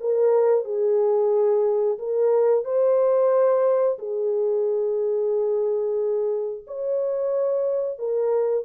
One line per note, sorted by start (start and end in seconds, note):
0.00 0.65 A#4
0.65 1.98 G#4
1.98 2.65 A#4
2.65 3.98 C5
3.98 6.65 G#4
6.67 7.98 C#5
7.98 8.65 A#4